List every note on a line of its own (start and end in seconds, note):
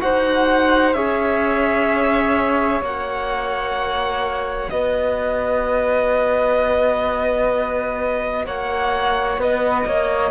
0.00 0.95 D#4
0.00 0.94 F#4
0.00 0.95 C5
0.00 0.93 F#5
0.93 2.81 C#4
0.93 2.82 G#4
0.93 4.70 C#5
0.93 2.80 E5
2.81 4.68 A#3
2.81 10.30 F#4
2.81 4.70 F#5
4.70 8.45 B3
4.70 8.46 B4
4.70 8.45 D#5
8.45 9.38 A#3
8.45 9.39 C#5
8.45 9.40 F#5
9.38 9.84 B3
9.38 9.86 B4
9.38 10.30 D#5
9.86 10.30 A#3
9.86 10.30 C#5